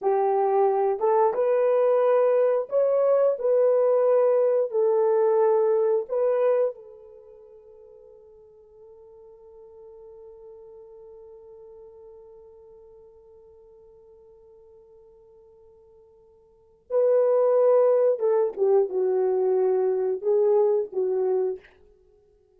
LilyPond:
\new Staff \with { instrumentName = "horn" } { \time 4/4 \tempo 4 = 89 g'4. a'8 b'2 | cis''4 b'2 a'4~ | a'4 b'4 a'2~ | a'1~ |
a'1~ | a'1~ | a'4 b'2 a'8 g'8 | fis'2 gis'4 fis'4 | }